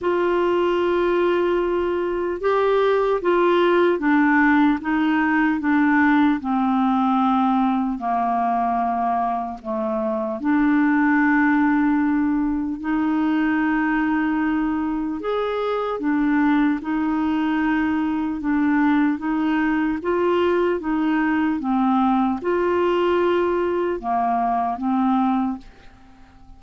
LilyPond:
\new Staff \with { instrumentName = "clarinet" } { \time 4/4 \tempo 4 = 75 f'2. g'4 | f'4 d'4 dis'4 d'4 | c'2 ais2 | a4 d'2. |
dis'2. gis'4 | d'4 dis'2 d'4 | dis'4 f'4 dis'4 c'4 | f'2 ais4 c'4 | }